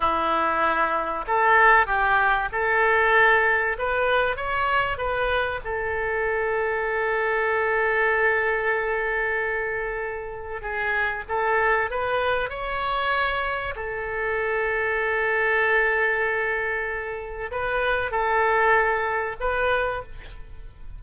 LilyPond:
\new Staff \with { instrumentName = "oboe" } { \time 4/4 \tempo 4 = 96 e'2 a'4 g'4 | a'2 b'4 cis''4 | b'4 a'2.~ | a'1~ |
a'4 gis'4 a'4 b'4 | cis''2 a'2~ | a'1 | b'4 a'2 b'4 | }